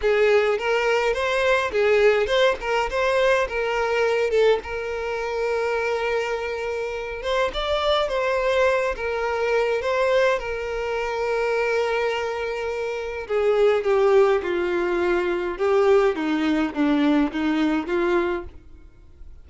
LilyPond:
\new Staff \with { instrumentName = "violin" } { \time 4/4 \tempo 4 = 104 gis'4 ais'4 c''4 gis'4 | c''8 ais'8 c''4 ais'4. a'8 | ais'1~ | ais'8 c''8 d''4 c''4. ais'8~ |
ais'4 c''4 ais'2~ | ais'2. gis'4 | g'4 f'2 g'4 | dis'4 d'4 dis'4 f'4 | }